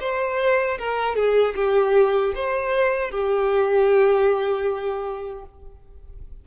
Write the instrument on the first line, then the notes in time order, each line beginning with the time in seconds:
violin
0.00 C5
0.78 A#4
1.15 G#4
1.55 G4
2.35 C5
3.11 G4